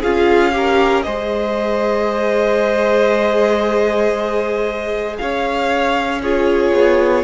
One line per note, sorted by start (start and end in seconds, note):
0.00 1.05 C#4
0.00 0.52 F4
0.00 0.52 G#4
0.00 1.02 F5
0.52 1.04 G4
0.52 1.05 A#4
1.02 5.19 G#3
1.02 6.22 G#4
1.02 5.18 C5
1.02 5.16 D#5
5.18 6.72 C#4
5.18 6.22 C#5
5.18 6.21 F5
6.22 7.24 F4
6.22 7.24 G#4
6.22 7.24 C#5
6.72 7.24 B3